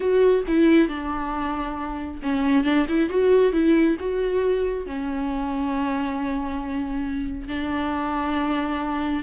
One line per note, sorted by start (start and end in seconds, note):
0.00 0.44 F#4
0.47 0.88 E4
0.88 2.21 D4
2.22 2.64 C#4
2.64 2.86 D4
2.88 3.09 E4
3.09 3.52 F#4
3.52 3.96 E4
3.99 4.86 F#4
4.86 7.47 C#4
7.47 9.23 D4